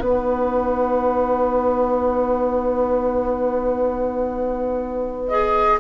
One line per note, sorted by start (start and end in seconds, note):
0.00 5.80 B3
0.00 5.31 D#4
0.00 5.80 B4
0.00 5.29 F#5
5.29 5.80 G#4
5.29 5.79 D#5